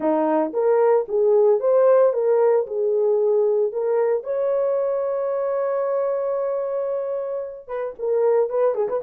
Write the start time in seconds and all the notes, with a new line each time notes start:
0.00 D#4
0.53 A#4
1.08 G#4
1.60 C5
2.13 A#4
2.66 G#4
3.72 A#4
4.23 C#5
7.67 B4
7.98 A#4
8.49 B4
8.74 G#4
8.88 B4